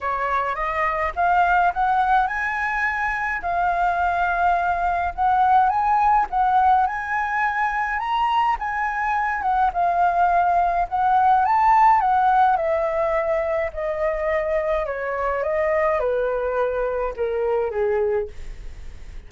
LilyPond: \new Staff \with { instrumentName = "flute" } { \time 4/4 \tempo 4 = 105 cis''4 dis''4 f''4 fis''4 | gis''2 f''2~ | f''4 fis''4 gis''4 fis''4 | gis''2 ais''4 gis''4~ |
gis''8 fis''8 f''2 fis''4 | a''4 fis''4 e''2 | dis''2 cis''4 dis''4 | b'2 ais'4 gis'4 | }